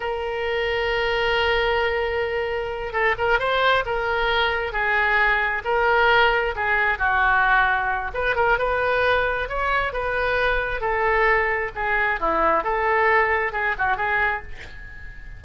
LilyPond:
\new Staff \with { instrumentName = "oboe" } { \time 4/4 \tempo 4 = 133 ais'1~ | ais'2~ ais'8 a'8 ais'8 c''8~ | c''8 ais'2 gis'4.~ | gis'8 ais'2 gis'4 fis'8~ |
fis'2 b'8 ais'8 b'4~ | b'4 cis''4 b'2 | a'2 gis'4 e'4 | a'2 gis'8 fis'8 gis'4 | }